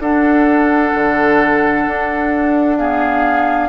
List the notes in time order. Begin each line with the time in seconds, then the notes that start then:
0.00 D4 A4 F#5
0.95 D3
1.87 D4
2.78 B3 G#4 F5